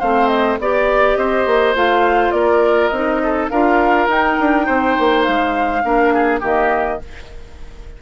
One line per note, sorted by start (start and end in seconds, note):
0.00 0.59 A3
0.00 0.60 C4
0.00 0.58 C5
0.00 0.28 F5
0.28 0.57 D#5
0.59 1.17 B3
0.59 1.75 G4
0.59 1.16 D5
0.59 1.18 D5
1.16 1.46 C4
1.16 2.34 C5
1.16 1.75 D#5
1.46 1.75 A#3
1.75 2.32 A3
1.75 2.92 F4
1.75 2.31 F5
2.31 2.91 A#3
2.31 3.21 A#4
2.31 2.88 D5
2.88 3.50 C4
2.88 3.51 D#4
2.88 3.47 D#5
3.23 3.51 A4
3.50 4.08 D4
3.50 4.10 F4
3.50 4.66 A#4
3.50 4.08 F5
4.08 4.37 D#4
4.08 5.83 D#4
4.08 5.24 G5
4.40 4.68 D4
4.66 4.98 C4
4.66 5.83 C5
4.99 5.28 A#3
5.24 5.84 G#3
5.24 6.40 F5
5.83 6.42 A#3
5.83 6.41 D4
5.83 6.14 A#4
6.14 6.40 G#4
6.40 7.01 D#3
6.40 7.00 A#3
6.40 6.98 G4
6.40 7.02 D#5